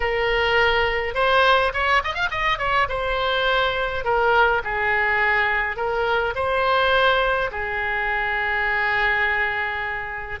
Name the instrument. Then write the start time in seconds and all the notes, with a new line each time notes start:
oboe
0.00 A#4
1.14 C5
1.73 C#5
2.03 D#5
2.14 F5
2.31 D#5
2.58 C#5
2.88 C5
4.04 A#4
4.64 G#4
5.76 A#4
6.35 C5
7.51 G#4